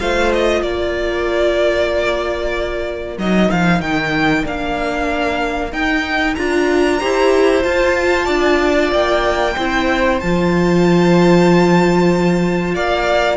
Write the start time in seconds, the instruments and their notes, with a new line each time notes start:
0.00 cello A3, viola F4, violin C5 F5
0.33 violin D#5
0.62 cello A#3, violin A#4 D5
3.18 cello F#3, viola D#4, violin D#5
3.51 cello F3, violin F5
3.80 cello D#3, violin G5
4.43 cello A#3, viola D4, violin F5
5.72 viola D#4, cello D#4, violin G5
6.35 cello D4, viola F4, violin A#5
7.00 cello E4, viola G4, violin C5
7.62 viola F4, cello F4, violin A5
8.26 cello D4, violin D5
8.92 cello A#3, violin G5
9.56 cello C4, viola E4, violin C5
10.20 cello F3, viola F4, violin A5
12.75 cello A#3, violin D5 F5